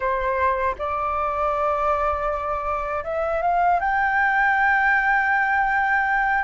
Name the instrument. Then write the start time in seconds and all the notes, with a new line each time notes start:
flute
0.00 C5
0.78 D5
3.04 E5
3.42 F5
3.79 G5